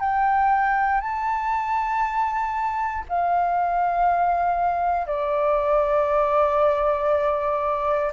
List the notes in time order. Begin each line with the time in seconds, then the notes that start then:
0.00 G5
1.00 A5
3.08 F5
5.07 D5